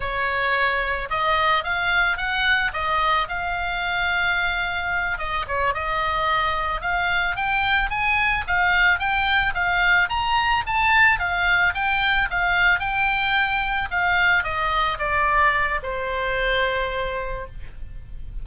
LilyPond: \new Staff \with { instrumentName = "oboe" } { \time 4/4 \tempo 4 = 110 cis''2 dis''4 f''4 | fis''4 dis''4 f''2~ | f''4. dis''8 cis''8 dis''4.~ | dis''8 f''4 g''4 gis''4 f''8~ |
f''8 g''4 f''4 ais''4 a''8~ | a''8 f''4 g''4 f''4 g''8~ | g''4. f''4 dis''4 d''8~ | d''4 c''2. | }